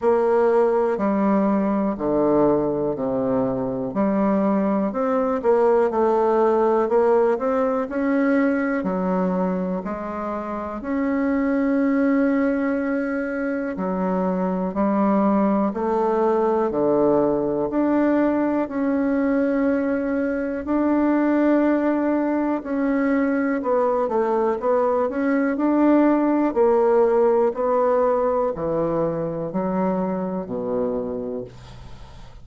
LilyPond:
\new Staff \with { instrumentName = "bassoon" } { \time 4/4 \tempo 4 = 61 ais4 g4 d4 c4 | g4 c'8 ais8 a4 ais8 c'8 | cis'4 fis4 gis4 cis'4~ | cis'2 fis4 g4 |
a4 d4 d'4 cis'4~ | cis'4 d'2 cis'4 | b8 a8 b8 cis'8 d'4 ais4 | b4 e4 fis4 b,4 | }